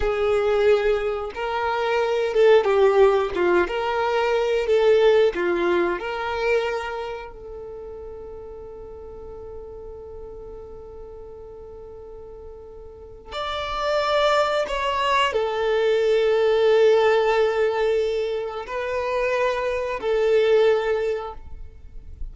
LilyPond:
\new Staff \with { instrumentName = "violin" } { \time 4/4 \tempo 4 = 90 gis'2 ais'4. a'8 | g'4 f'8 ais'4. a'4 | f'4 ais'2 a'4~ | a'1~ |
a'1 | d''2 cis''4 a'4~ | a'1 | b'2 a'2 | }